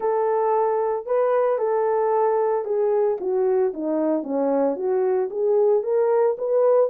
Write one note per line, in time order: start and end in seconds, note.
0.00 1.05 A4
1.05 1.58 B4
1.58 2.64 A4
2.64 3.17 G#4
3.20 3.73 F#4
3.73 4.23 D#4
4.23 4.76 C#4
4.76 5.29 F#4
5.30 5.83 G#4
5.83 6.36 A#4
6.37 6.90 B4